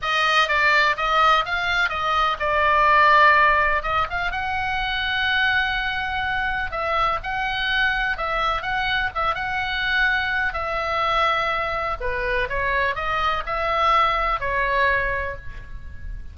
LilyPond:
\new Staff \with { instrumentName = "oboe" } { \time 4/4 \tempo 4 = 125 dis''4 d''4 dis''4 f''4 | dis''4 d''2. | dis''8 f''8 fis''2.~ | fis''2 e''4 fis''4~ |
fis''4 e''4 fis''4 e''8 fis''8~ | fis''2 e''2~ | e''4 b'4 cis''4 dis''4 | e''2 cis''2 | }